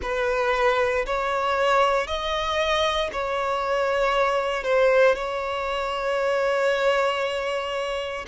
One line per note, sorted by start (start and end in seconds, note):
0.02 1.05 B4
1.06 2.07 C#5
2.07 3.10 D#5
3.12 4.63 C#5
4.63 5.15 C5
5.15 8.25 C#5